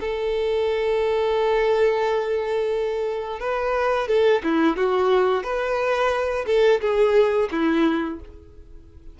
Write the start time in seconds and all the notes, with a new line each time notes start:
0.00 A4
3.40 B4
4.08 A4
4.43 E4
4.77 F#4
5.43 B4
6.46 A4
6.81 G#4
7.52 E4